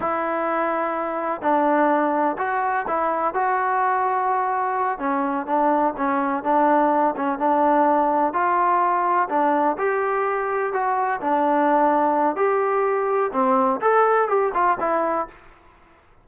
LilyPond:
\new Staff \with { instrumentName = "trombone" } { \time 4/4 \tempo 4 = 126 e'2. d'4~ | d'4 fis'4 e'4 fis'4~ | fis'2~ fis'8 cis'4 d'8~ | d'8 cis'4 d'4. cis'8 d'8~ |
d'4. f'2 d'8~ | d'8 g'2 fis'4 d'8~ | d'2 g'2 | c'4 a'4 g'8 f'8 e'4 | }